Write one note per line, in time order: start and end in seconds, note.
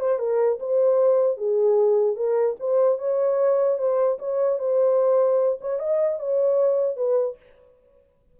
0.00 0.19 C5
0.19 0.59 A#4
0.60 1.37 C5
1.37 2.16 G#4
2.16 2.56 A#4
2.60 2.99 C5
2.99 3.78 C#5
3.78 4.18 C5
4.19 4.59 C#5
4.59 5.59 C5
5.61 5.79 C#5
5.79 6.19 D#5
6.19 6.97 C#5
6.97 7.37 B4